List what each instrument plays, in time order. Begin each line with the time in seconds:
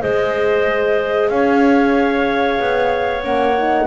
0.00 double bass G#3, horn G#4, clarinet C5, flute D#5
1.29 double bass C#4, clarinet C#5, flute F5
2.59 double bass B3
3.22 double bass A#3, horn C#4, flute F#5
3.58 horn D#4